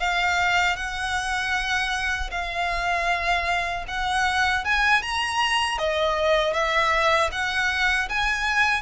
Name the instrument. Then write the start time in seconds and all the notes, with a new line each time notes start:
violin
0.00 F5
0.77 F#5
2.31 F5
3.88 F#5
4.65 G#5
5.03 A#5
5.79 D#5
6.54 E5
7.32 F#5
8.09 G#5